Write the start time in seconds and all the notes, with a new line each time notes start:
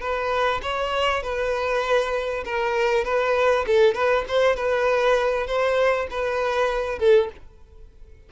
0.00 B4
0.62 C#5
1.23 B4
2.45 A#4
3.04 B4
3.67 A4
3.94 B4
4.28 C5
4.56 B4
5.46 C5
6.10 B4
6.99 A4